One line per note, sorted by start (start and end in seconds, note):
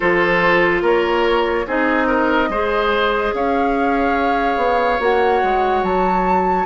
0.00 0.82 F3
0.00 1.66 F4
0.00 0.82 A4
0.00 0.84 C5
0.82 1.65 A#3
0.82 1.65 A#4
0.82 1.68 C#5
1.66 2.49 C4
1.66 2.50 D#4
1.66 2.07 G#4
1.66 3.34 D#5
2.07 2.48 A#4
2.49 3.32 G#3
2.49 4.99 G#4
2.49 3.34 C5
3.33 4.57 C#4
3.33 6.66 C#5
3.33 5.01 F5
4.57 4.98 B3
4.99 5.41 A#3
4.99 6.66 F#4
4.99 5.83 F#5
5.43 5.82 G#3
5.82 6.66 F#3
5.82 6.66 A5